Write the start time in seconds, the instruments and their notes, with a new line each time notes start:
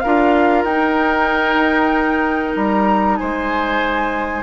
0.00 bassoon D4, clarinet F4, oboe A#4, flute F5
0.64 bassoon D#4, clarinet D#4, flute G5
2.55 bassoon G3, flute A#5
3.17 bassoon G#3, oboe C5, flute G#5